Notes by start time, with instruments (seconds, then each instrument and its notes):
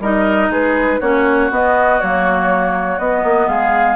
0.00 bassoon G3, clarinet D#4, oboe A#4, flute D#5
0.50 bassoon G#3, oboe G#4, flute B4
1.00 bassoon A#3, clarinet C#4, oboe F#4, flute C#5
1.51 clarinet B3, bassoon B3, flute D#5
2.00 bassoon F#3, clarinet A#3, flute C#5
2.98 bassoon B3, clarinet B3, flute D#5
3.23 bassoon A#3
3.48 bassoon G#3, oboe G#4, flute F5